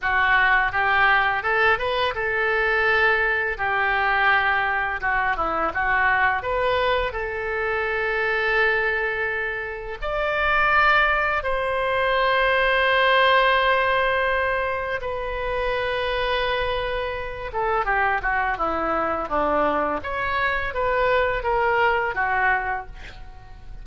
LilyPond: \new Staff \with { instrumentName = "oboe" } { \time 4/4 \tempo 4 = 84 fis'4 g'4 a'8 b'8 a'4~ | a'4 g'2 fis'8 e'8 | fis'4 b'4 a'2~ | a'2 d''2 |
c''1~ | c''4 b'2.~ | b'8 a'8 g'8 fis'8 e'4 d'4 | cis''4 b'4 ais'4 fis'4 | }